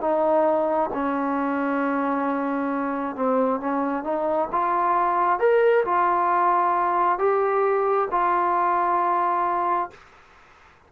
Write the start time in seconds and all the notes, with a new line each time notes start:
0.00 D#4
0.93 C#4
3.15 C4
3.60 C#4
4.04 D#4
4.51 F4
5.39 A#4
5.85 F4
7.18 G4
8.10 F4